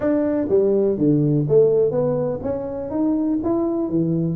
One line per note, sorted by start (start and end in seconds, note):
0.00 0.47 D4
0.49 0.97 G3
0.97 1.46 D3
1.48 1.91 A3
1.91 2.39 B3
2.43 2.90 C#4
2.90 3.38 D#4
3.43 3.89 E4
3.89 4.35 E3